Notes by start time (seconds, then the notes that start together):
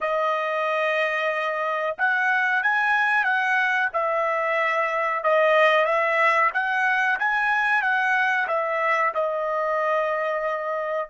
0.00 D#5
1.97 F#5
2.63 G#5
3.24 F#5
3.93 E5
5.23 D#5
5.85 E5
6.53 F#5
7.19 G#5
7.82 F#5
8.47 E5
9.14 D#5